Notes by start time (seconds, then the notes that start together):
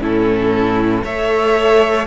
0.00 A2 C#4 E4 A4
1.04 A3 A4 C#5 E5